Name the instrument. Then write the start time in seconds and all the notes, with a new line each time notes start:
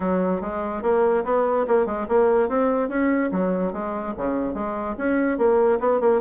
bassoon
0.00 F#3
0.41 G#3
0.82 A#3
1.24 B3
1.67 A#3
1.86 G#3
2.08 A#3
2.48 C4
2.89 C#4
3.31 F#3
3.72 G#3
4.17 C#3
4.54 G#3
4.97 C#4
5.37 A#3
5.79 B3
6.00 A#3